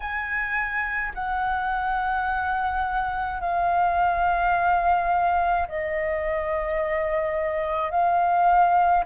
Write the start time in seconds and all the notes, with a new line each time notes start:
0.00 G#5
1.14 F#5
3.40 F5
5.68 D#5
7.90 F5